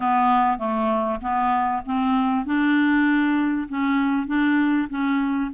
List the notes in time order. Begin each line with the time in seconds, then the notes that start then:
0.00 B3
0.58 A3
1.21 B3
1.85 C4
2.45 D4
3.68 C#4
4.26 D4
4.89 C#4